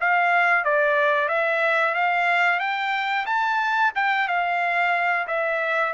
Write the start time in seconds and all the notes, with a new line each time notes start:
0.00 F5
0.64 D5
1.28 E5
1.94 F5
2.59 G5
3.25 A5
3.95 G5
4.28 F5
5.27 E5